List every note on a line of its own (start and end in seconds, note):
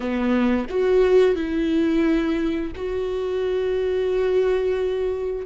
0.00 0.66 B3
0.69 1.35 F#4
1.35 2.71 E4
2.75 5.45 F#4